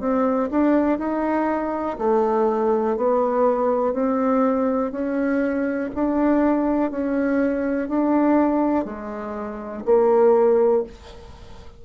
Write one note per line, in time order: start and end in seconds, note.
0.00 0.49 C4
0.51 0.98 D4
0.98 1.97 D#4
1.99 2.97 A3
2.97 3.93 B3
3.93 4.92 C4
4.92 5.90 C#4
5.95 6.91 D4
6.91 7.89 C#4
7.89 8.85 D4
8.85 9.83 G#3
9.86 10.84 A#3